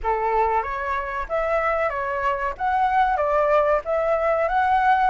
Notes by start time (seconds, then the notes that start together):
0.03 A4
0.62 C#5
1.29 E5
1.89 C#5
2.57 F#5
3.17 D5
3.85 E5
4.48 F#5